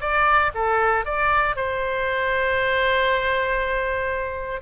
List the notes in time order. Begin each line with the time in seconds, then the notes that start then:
0.00 D5
0.54 A4
1.05 D5
1.56 C5